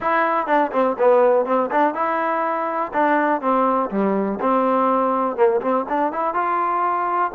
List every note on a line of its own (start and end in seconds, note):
0.00 0.46 E4
0.46 0.71 D4
0.72 0.96 C4
0.98 1.45 B3
1.45 1.70 C4
1.71 1.94 D4
1.94 2.92 E4
2.93 3.41 D4
3.41 3.90 C4
3.90 4.39 G3
4.41 5.36 C4
5.36 5.60 A#3
5.61 5.85 C4
5.88 6.12 D4
6.12 6.34 E4
6.34 7.31 F4